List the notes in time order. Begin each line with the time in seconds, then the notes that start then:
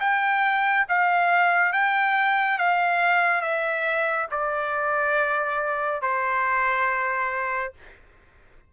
0.00 G5
0.88 F5
1.73 G5
2.58 F5
3.41 E5
4.31 D5
6.02 C5